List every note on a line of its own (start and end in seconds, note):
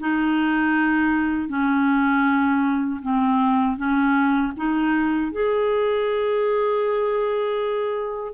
0.00 1.49 D#4
1.49 3.01 C#4
3.02 3.77 C4
3.77 4.53 C#4
4.57 5.32 D#4
5.32 8.34 G#4